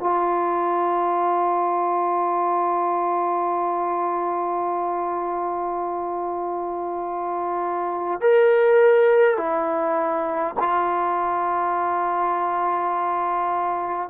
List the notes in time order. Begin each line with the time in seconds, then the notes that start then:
0.00 F4
8.21 A#4
9.37 E4
10.59 F4